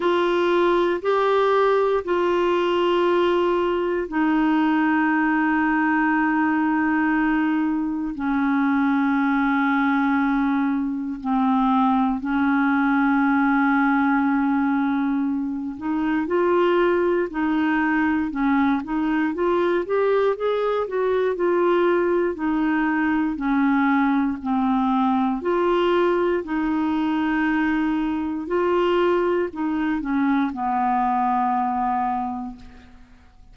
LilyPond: \new Staff \with { instrumentName = "clarinet" } { \time 4/4 \tempo 4 = 59 f'4 g'4 f'2 | dis'1 | cis'2. c'4 | cis'2.~ cis'8 dis'8 |
f'4 dis'4 cis'8 dis'8 f'8 g'8 | gis'8 fis'8 f'4 dis'4 cis'4 | c'4 f'4 dis'2 | f'4 dis'8 cis'8 b2 | }